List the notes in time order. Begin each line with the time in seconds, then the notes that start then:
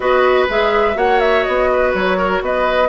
0.00 B3 F#4 B4 D#5
0.48 G#3 G#4 E5
0.94 A#3 F#4 C#5 F#5
1.19 E5
1.43 B3 D#5
1.72 B4
1.94 F#3 C#5
2.17 A#4
2.41 B3 B4 D#5